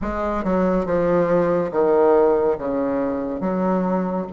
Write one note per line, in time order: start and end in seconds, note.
0.01 0.44 G#3
0.44 0.85 F#3
0.85 1.71 F3
1.71 2.57 D#3
2.58 3.40 C#3
3.40 4.26 F#3